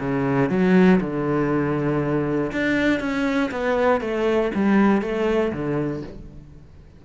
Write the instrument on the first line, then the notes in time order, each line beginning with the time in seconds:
cello
0.00 C#3
0.50 F#3
1.00 D3
2.52 D4
3.00 C#4
3.51 B3
4.01 A3
4.55 G3
5.02 A3
5.52 D3